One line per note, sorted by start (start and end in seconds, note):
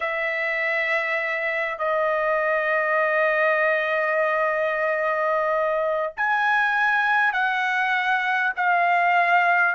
0.00 1.78 E5
1.78 6.13 D#5
6.16 7.33 G#5
7.33 8.53 F#5
8.56 9.75 F5